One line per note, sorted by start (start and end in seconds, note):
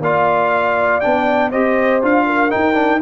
0.00 1.00 A#3
0.00 1.02 F4
0.00 1.50 D5
0.00 1.00 F5
1.00 1.53 B3
1.00 1.52 D4
1.00 1.50 G5
1.50 2.03 C4
1.50 2.02 G4
1.50 2.25 C5
1.50 2.01 D#5
2.02 2.53 D4
2.02 2.50 F4
2.02 2.51 F5
2.26 3.01 A#4
2.50 2.74 D#4
2.50 3.02 D#4
2.50 3.01 G5
2.74 2.99 D4